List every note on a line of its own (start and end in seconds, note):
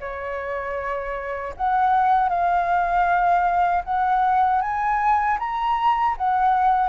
0.00 1.54 C#5
1.56 2.29 F#5
2.29 3.83 F5
3.84 4.61 F#5
4.61 5.38 G#5
5.39 6.16 A#5
6.17 6.89 F#5